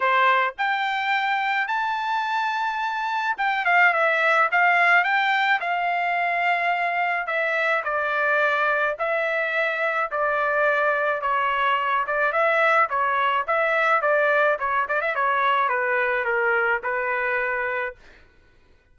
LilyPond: \new Staff \with { instrumentName = "trumpet" } { \time 4/4 \tempo 4 = 107 c''4 g''2 a''4~ | a''2 g''8 f''8 e''4 | f''4 g''4 f''2~ | f''4 e''4 d''2 |
e''2 d''2 | cis''4. d''8 e''4 cis''4 | e''4 d''4 cis''8 d''16 e''16 cis''4 | b'4 ais'4 b'2 | }